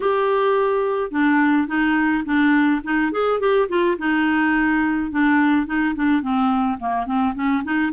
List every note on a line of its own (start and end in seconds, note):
0.00 1.11 G4
1.11 1.67 D4
1.67 2.24 D#4
2.25 2.81 D4
2.84 3.12 D#4
3.12 3.40 G#4
3.40 3.68 G4
3.68 3.97 F4
3.98 5.11 D#4
5.11 5.66 D4
5.66 5.94 D#4
5.95 6.22 D4
6.22 6.78 C4
6.79 7.05 A#3
7.05 7.34 C4
7.35 7.63 C#4
7.64 7.92 D#4